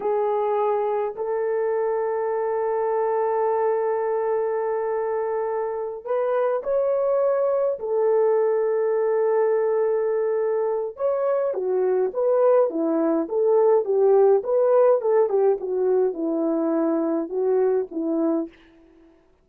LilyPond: \new Staff \with { instrumentName = "horn" } { \time 4/4 \tempo 4 = 104 gis'2 a'2~ | a'1~ | a'2~ a'8 b'4 cis''8~ | cis''4. a'2~ a'8~ |
a'2. cis''4 | fis'4 b'4 e'4 a'4 | g'4 b'4 a'8 g'8 fis'4 | e'2 fis'4 e'4 | }